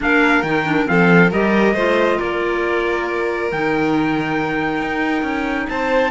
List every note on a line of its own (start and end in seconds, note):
0.00 0.42 A#3
0.00 0.44 D4
0.00 0.89 A#4
0.00 0.42 F5
0.42 0.86 D#3
0.42 0.66 D#4
0.42 0.86 G5
0.66 0.86 D4
0.86 1.32 F3
0.86 1.30 C4
0.86 1.30 A4
0.86 1.31 F5
1.30 1.73 G3
1.30 1.76 G4
1.30 1.73 A#4
1.30 2.19 D#5
1.73 2.17 A3
1.73 3.52 F4
1.73 2.17 C5
2.17 3.52 A#3
2.17 5.67 A#4
2.17 3.51 D5
3.51 4.81 D#3
3.51 6.11 D#4
3.51 5.69 G5
4.81 5.22 D#4
5.22 5.66 C#4
5.69 6.11 C4
5.69 6.11 C5
5.69 6.11 A5